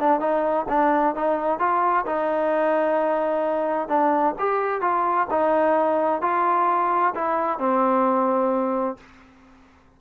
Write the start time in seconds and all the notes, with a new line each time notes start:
0.00 D4
0.20 D#4
0.69 D4
1.15 D#4
1.59 F4
2.06 D#4
3.89 D4
4.39 G4
4.81 F4
5.31 D#4
6.22 F4
7.15 E4
7.59 C4